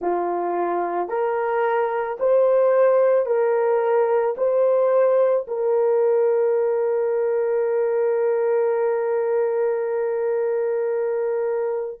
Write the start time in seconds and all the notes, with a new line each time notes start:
0.00 F4
1.08 A#4
2.19 C5
3.26 A#4
4.37 C5
5.47 A#4